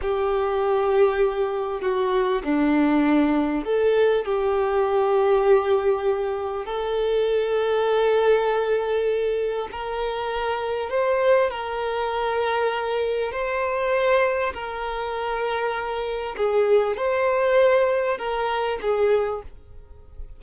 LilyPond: \new Staff \with { instrumentName = "violin" } { \time 4/4 \tempo 4 = 99 g'2. fis'4 | d'2 a'4 g'4~ | g'2. a'4~ | a'1 |
ais'2 c''4 ais'4~ | ais'2 c''2 | ais'2. gis'4 | c''2 ais'4 gis'4 | }